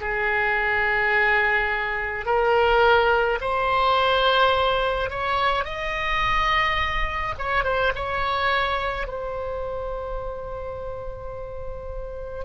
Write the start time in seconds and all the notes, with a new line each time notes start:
0.00 G#4
2.25 A#4
3.41 C5
5.09 C#5
5.64 D#5
7.38 C#5
7.64 C5
7.95 C#5
9.07 C5